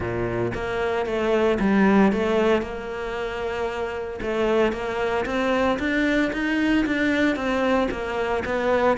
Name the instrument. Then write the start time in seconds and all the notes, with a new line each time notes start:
cello
0.00 A#2
0.54 A#3
1.06 A3
1.59 G3
2.12 A3
2.62 A#3
4.21 A3
4.72 A#3
5.25 C4
5.79 D4
6.33 D#4
6.86 D4
7.35 C4
7.91 A#3
8.45 B3